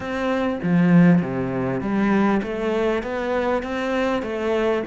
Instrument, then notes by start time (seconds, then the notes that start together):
cello
0.00 C4
0.63 F3
1.22 C3
1.80 G3
2.42 A3
3.02 B3
3.63 C4
4.22 A3